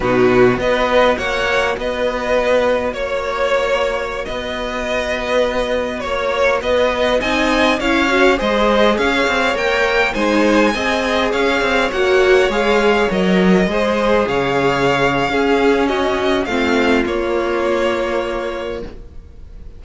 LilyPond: <<
  \new Staff \with { instrumentName = "violin" } { \time 4/4 \tempo 4 = 102 b'4 dis''4 fis''4 dis''4~ | dis''4 cis''2~ cis''16 dis''8.~ | dis''2~ dis''16 cis''4 dis''8.~ | dis''16 gis''4 f''4 dis''4 f''8.~ |
f''16 g''4 gis''2 f''8.~ | f''16 fis''4 f''4 dis''4.~ dis''16~ | dis''16 f''2~ f''8. dis''4 | f''4 cis''2. | }
  \new Staff \with { instrumentName = "violin" } { \time 4/4 fis'4 b'4 cis''4 b'4~ | b'4 cis''2~ cis''16 b'8.~ | b'2~ b'16 cis''4 b'8.~ | b'16 dis''4 cis''4 c''4 cis''8.~ |
cis''4~ cis''16 c''4 dis''4 cis''8.~ | cis''2.~ cis''16 c''8.~ | c''16 cis''4.~ cis''16 gis'4 fis'4 | f'1 | }
  \new Staff \with { instrumentName = "viola" } { \time 4/4 dis'4 fis'2.~ | fis'1~ | fis'1~ | fis'16 dis'4 e'8 fis'8 gis'4.~ gis'16~ |
gis'16 ais'4 dis'4 gis'4.~ gis'16~ | gis'16 fis'4 gis'4 ais'4 gis'8.~ | gis'2 cis'2 | c'4 ais2. | }
  \new Staff \with { instrumentName = "cello" } { \time 4/4 b,4 b4 ais4 b4~ | b4 ais2~ ais16 b8.~ | b2~ b16 ais4 b8.~ | b16 c'4 cis'4 gis4 cis'8 c'16~ |
c'16 ais4 gis4 c'4 cis'8 c'16~ | c'16 ais4 gis4 fis4 gis8.~ | gis16 cis4.~ cis16 cis'2 | a4 ais2. | }
>>